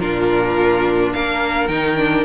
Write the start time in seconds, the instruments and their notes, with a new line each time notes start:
0.00 cello A#2, viola D4, violin F4 A#4
1.13 cello A#3, violin A#4 F5
1.68 cello D#3, viola D#4, violin G5
1.97 viola D4